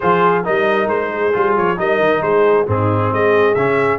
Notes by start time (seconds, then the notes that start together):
0.00 F3 F4 G#4 C5
0.44 G3 D#4 A#4 D#5
0.87 G#3 C5
1.11 G#4
1.33 G3 F4
1.56 F3 C#5
1.77 G3 D#4 A#4 D#5
1.99 D#3
2.21 G#3 G#4 C5
2.66 G#2 C4 D#4 G#4
3.10 G#3 G#4 D#5
3.54 C#3 C#4 E5